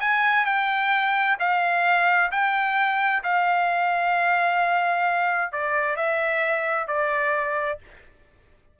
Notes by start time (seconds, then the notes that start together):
0.00 G#5
0.46 G5
1.39 F5
2.31 G5
3.23 F5
5.52 D5
5.96 E5
6.87 D5